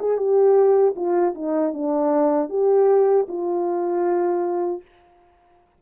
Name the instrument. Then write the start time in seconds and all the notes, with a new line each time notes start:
horn
0.00 G#4
0.18 G4
0.96 F4
1.35 D#4
1.74 D4
2.50 G4
3.29 F4